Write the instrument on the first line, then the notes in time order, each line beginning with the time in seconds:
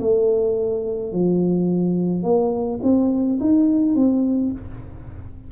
tuba
0.00 A3
1.13 F3
2.23 A#3
2.83 C4
3.40 D#4
3.95 C4